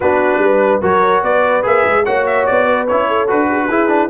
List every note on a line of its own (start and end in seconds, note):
0.00 0.38 B3
0.00 0.81 D4
0.00 0.42 F#4
0.00 0.81 B4
0.38 0.79 G3
0.38 0.81 B4
0.81 1.22 F#3
0.81 1.62 F#4
0.81 1.22 A#4
0.81 1.23 C#5
1.22 1.64 B3
1.22 2.04 B4
1.22 1.64 D5
1.62 1.85 A#3
1.62 2.03 G#4
1.62 2.05 E5
1.85 2.05 G#3
2.05 2.48 A#3
2.05 2.87 F#4
2.05 2.66 C#5
2.05 2.25 F#5
2.26 2.45 E5
2.45 2.90 B3
2.45 2.87 D5
2.66 3.07 B4
2.87 3.31 C#4
2.87 3.27 E4
2.87 3.28 C#5
3.07 3.48 A4
3.27 3.68 D4
3.27 3.68 F#4
3.27 4.10 B4
3.50 3.60 G#4
3.61 3.68 F#4
3.68 4.10 E4
3.68 3.87 E4
3.68 4.09 G#4
3.87 4.08 D4